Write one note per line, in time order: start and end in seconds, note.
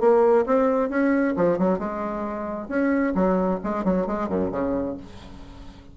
0.00 0.45 A#3
0.46 0.89 C4
0.89 1.34 C#4
1.36 1.58 F3
1.58 1.79 F#3
1.79 2.68 G#3
2.68 3.14 C#4
3.15 3.60 F#3
3.63 3.84 G#3
3.84 4.06 F#3
4.06 4.28 G#3
4.28 4.51 F#2
4.51 4.96 C#3